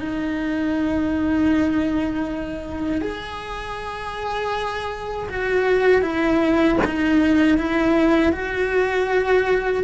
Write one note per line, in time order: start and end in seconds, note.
0.00 3.01 D#4
3.01 5.29 G#4
5.29 6.02 F#4
6.02 6.78 E4
6.85 7.58 D#4
7.58 8.32 E4
8.32 9.84 F#4